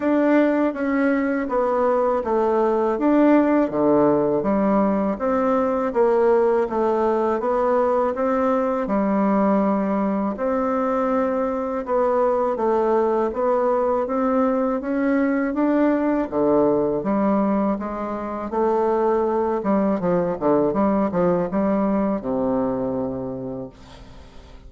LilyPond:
\new Staff \with { instrumentName = "bassoon" } { \time 4/4 \tempo 4 = 81 d'4 cis'4 b4 a4 | d'4 d4 g4 c'4 | ais4 a4 b4 c'4 | g2 c'2 |
b4 a4 b4 c'4 | cis'4 d'4 d4 g4 | gis4 a4. g8 f8 d8 | g8 f8 g4 c2 | }